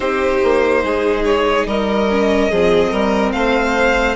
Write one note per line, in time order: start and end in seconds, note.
0.00 0.39 C4
0.00 2.07 D#4
0.00 0.82 G4
0.00 1.23 C5
0.43 0.83 A#3
0.83 1.66 G#3
0.83 1.67 G#4
1.24 1.66 C#5
1.66 2.49 G3
1.66 2.50 A#4
1.66 3.32 D#5
2.10 2.51 C#4
2.50 2.91 F3
2.50 4.15 C4
2.50 2.90 G#4
2.90 3.33 G3
2.90 3.32 A#4
3.32 4.15 A3
3.32 4.15 C5
3.32 4.15 F5